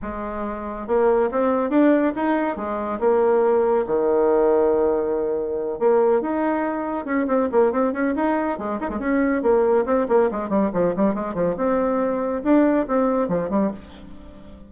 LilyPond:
\new Staff \with { instrumentName = "bassoon" } { \time 4/4 \tempo 4 = 140 gis2 ais4 c'4 | d'4 dis'4 gis4 ais4~ | ais4 dis2.~ | dis4. ais4 dis'4.~ |
dis'8 cis'8 c'8 ais8 c'8 cis'8 dis'4 | gis8 dis'16 gis16 cis'4 ais4 c'8 ais8 | gis8 g8 f8 g8 gis8 f8 c'4~ | c'4 d'4 c'4 f8 g8 | }